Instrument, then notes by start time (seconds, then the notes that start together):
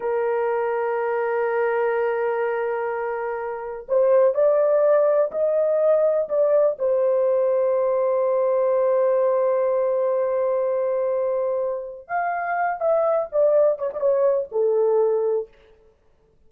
horn
0.00 A#4
3.88 C5
4.34 D5
5.31 D#5
6.29 D5
6.79 C5
12.07 F5
12.80 E5
13.32 D5
13.78 C#5
13.93 D5
14.00 C#5
14.51 A4